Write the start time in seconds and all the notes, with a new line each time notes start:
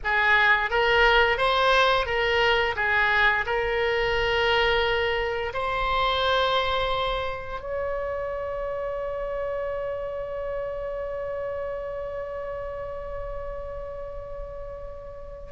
0.03 G#4
0.70 A#4
1.37 C5
2.06 A#4
2.76 G#4
3.46 A#4
5.53 C5
7.60 C#5